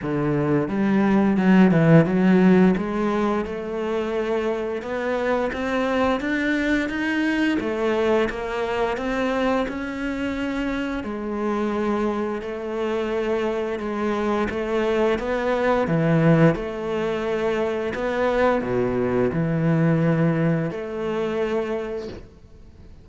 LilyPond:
\new Staff \with { instrumentName = "cello" } { \time 4/4 \tempo 4 = 87 d4 g4 fis8 e8 fis4 | gis4 a2 b4 | c'4 d'4 dis'4 a4 | ais4 c'4 cis'2 |
gis2 a2 | gis4 a4 b4 e4 | a2 b4 b,4 | e2 a2 | }